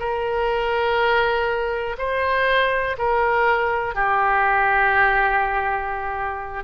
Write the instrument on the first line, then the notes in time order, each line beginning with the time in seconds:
oboe
0.00 A#4
1.98 C5
2.98 A#4
3.95 G4